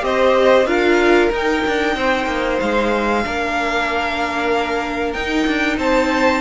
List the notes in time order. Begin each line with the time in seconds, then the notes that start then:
0.00 C4 G4 C5 D#5
0.65 D4 F4 A#4 F5
1.31 D#4 G5
1.66 D4
1.95 C4 C5
2.26 A#3
2.59 G#3 F5
3.24 A#3 D4 A#4
5.12 D#4 G5
5.46 D4
5.77 C4 C5 A5